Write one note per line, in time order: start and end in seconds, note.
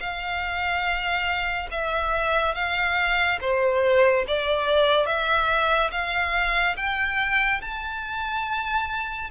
0.00 1.69 F5
1.72 2.55 E5
2.55 3.39 F5
3.41 4.26 C5
4.28 5.07 D5
5.07 5.91 E5
5.92 6.76 F5
6.77 7.61 G5
7.62 9.31 A5